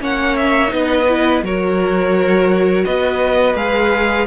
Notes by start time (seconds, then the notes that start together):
0.00 A#3 C#4 C#5 F#5
0.37 E5
0.68 B3 D#4 B4 D#5
1.09 E4
1.43 F#3 F#4 A#4 C#5
2.85 B3 B4 D#5
3.55 G#3 G#4 F5